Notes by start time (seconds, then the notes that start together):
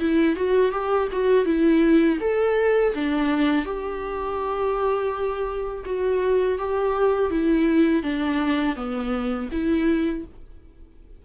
0.00 E4
0.37 F#4
0.72 G4
1.12 F#4
1.46 E4
2.21 A4
2.95 D4
3.66 G4
5.86 F#4
6.59 G4
7.31 E4
8.04 D4
8.77 B3
9.52 E4